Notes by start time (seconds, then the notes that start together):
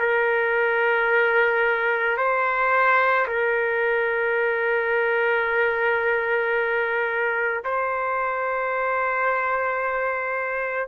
0.00 A#4
2.18 C5
3.28 A#4
7.65 C5